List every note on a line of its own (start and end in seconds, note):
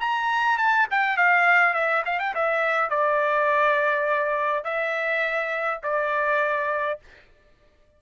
0.00 0.57 A#5
0.57 0.87 A5
0.90 1.17 G5
1.17 1.73 F5
1.73 2.03 E5
2.05 2.19 F5
2.19 2.34 G5
2.34 2.89 E5
2.89 4.64 D5
4.64 5.80 E5
5.83 6.99 D5